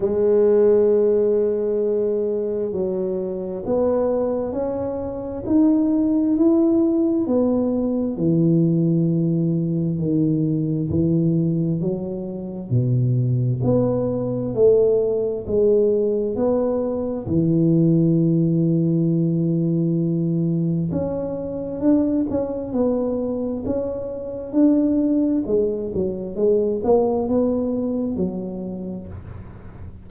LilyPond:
\new Staff \with { instrumentName = "tuba" } { \time 4/4 \tempo 4 = 66 gis2. fis4 | b4 cis'4 dis'4 e'4 | b4 e2 dis4 | e4 fis4 b,4 b4 |
a4 gis4 b4 e4~ | e2. cis'4 | d'8 cis'8 b4 cis'4 d'4 | gis8 fis8 gis8 ais8 b4 fis4 | }